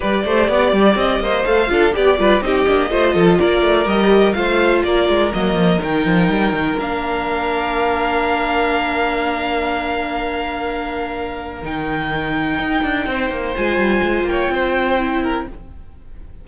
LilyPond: <<
  \new Staff \with { instrumentName = "violin" } { \time 4/4 \tempo 4 = 124 d''2 dis''4 f''4 | d''4 dis''2 d''4 | dis''4 f''4 d''4 dis''4 | g''2 f''2~ |
f''1~ | f''1 | g''1 | gis''4. g''2~ g''8 | }
  \new Staff \with { instrumentName = "violin" } { \time 4/4 b'8 c''8 d''4. c''4 a'8 | g'8 b'8 g'4 c''8 a'8 ais'4~ | ais'4 c''4 ais'2~ | ais'1~ |
ais'1~ | ais'1~ | ais'2. c''4~ | c''4. cis''8 c''4. ais'8 | }
  \new Staff \with { instrumentName = "viola" } { \time 4/4 g'2. a'8 f'8 | g'8 f'8 dis'8 d'8 f'2 | g'4 f'2 ais4 | dis'2 d'2~ |
d'1~ | d'1 | dis'1 | f'2. e'4 | }
  \new Staff \with { instrumentName = "cello" } { \time 4/4 g8 a8 b8 g8 c'8 ais8 a8 d'8 | b8 g8 c'8 ais8 a8 f8 ais8 a8 | g4 a4 ais8 gis8 fis8 f8 | dis8 f8 g8 dis8 ais2~ |
ais1~ | ais1 | dis2 dis'8 d'8 c'8 ais8 | gis8 g8 gis8 ais8 c'2 | }
>>